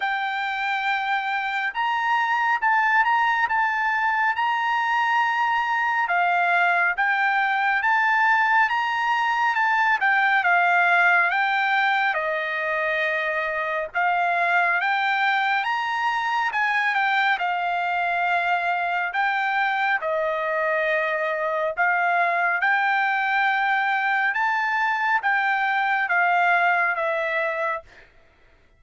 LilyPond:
\new Staff \with { instrumentName = "trumpet" } { \time 4/4 \tempo 4 = 69 g''2 ais''4 a''8 ais''8 | a''4 ais''2 f''4 | g''4 a''4 ais''4 a''8 g''8 | f''4 g''4 dis''2 |
f''4 g''4 ais''4 gis''8 g''8 | f''2 g''4 dis''4~ | dis''4 f''4 g''2 | a''4 g''4 f''4 e''4 | }